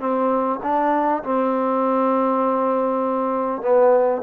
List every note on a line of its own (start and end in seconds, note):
0.00 0.60 C4
0.63 1.23 D4
1.24 3.62 C4
3.62 4.22 B3